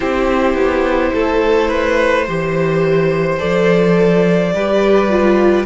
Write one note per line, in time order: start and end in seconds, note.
0.00 0.54 C4
0.00 2.26 E4
0.00 1.13 G4
0.00 3.38 C5
0.54 1.10 B3
1.13 2.27 A3
1.13 1.68 A4
1.68 2.25 B4
2.25 3.40 E3
2.25 3.38 G4
2.25 4.52 C5
3.38 4.53 F3
3.38 4.51 A4
3.38 5.65 D5
4.53 5.65 G3
4.53 5.10 G4
4.53 5.65 B4
5.10 5.65 F4